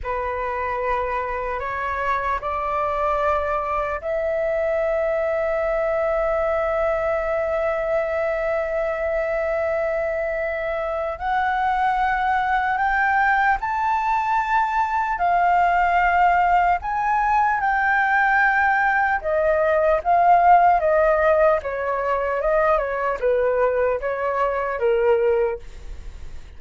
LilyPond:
\new Staff \with { instrumentName = "flute" } { \time 4/4 \tempo 4 = 75 b'2 cis''4 d''4~ | d''4 e''2.~ | e''1~ | e''2 fis''2 |
g''4 a''2 f''4~ | f''4 gis''4 g''2 | dis''4 f''4 dis''4 cis''4 | dis''8 cis''8 b'4 cis''4 ais'4 | }